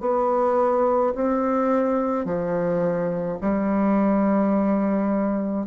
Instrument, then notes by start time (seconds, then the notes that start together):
bassoon
0.00 B3
1.15 C4
2.25 F3
3.41 G3